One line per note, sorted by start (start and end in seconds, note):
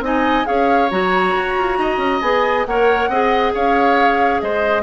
0.00 0.44 C4
0.00 0.45 D#4
0.00 0.47 D#5
0.00 0.46 G#5
0.45 0.91 C#4
0.45 0.88 G#4
0.45 1.78 C#5
0.45 0.89 F5
0.90 1.35 F#3
0.90 2.22 F#4
0.90 2.21 A#5
1.36 1.57 F#4
1.57 1.78 F4
1.78 1.97 D#4
1.78 2.67 D#5
1.97 2.19 C#4
2.21 2.65 B3
2.21 2.65 G#4
2.21 2.65 G#5
2.65 3.08 A#3
2.65 3.11 A#4
2.65 3.09 C#5
2.65 3.53 F#5
3.08 3.52 C4
3.08 4.82 G#4
3.08 3.53 D#5
3.54 4.42 C#4
3.54 4.41 C#5
3.54 4.41 F5
4.41 4.82 G#3
4.41 4.82 C5
4.41 4.82 D#5